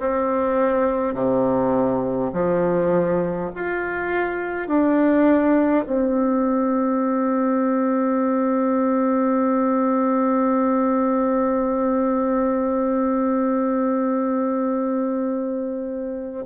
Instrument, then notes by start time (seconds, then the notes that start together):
bassoon
0.00 C4
1.14 C3
2.33 F3
3.55 F4
4.67 D4
5.86 C4